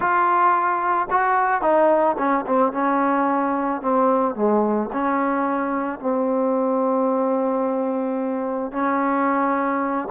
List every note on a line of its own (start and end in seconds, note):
0.00 1.08 F4
1.10 1.61 F#4
1.61 2.15 D#4
2.18 2.45 C#4
2.46 2.72 C4
2.72 3.81 C#4
3.81 4.35 C4
4.35 4.90 G#3
4.92 5.99 C#4
5.99 8.72 C4
8.72 10.08 C#4